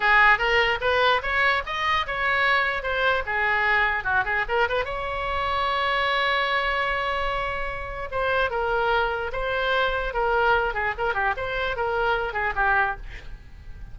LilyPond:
\new Staff \with { instrumentName = "oboe" } { \time 4/4 \tempo 4 = 148 gis'4 ais'4 b'4 cis''4 | dis''4 cis''2 c''4 | gis'2 fis'8 gis'8 ais'8 b'8 | cis''1~ |
cis''1 | c''4 ais'2 c''4~ | c''4 ais'4. gis'8 ais'8 g'8 | c''4 ais'4. gis'8 g'4 | }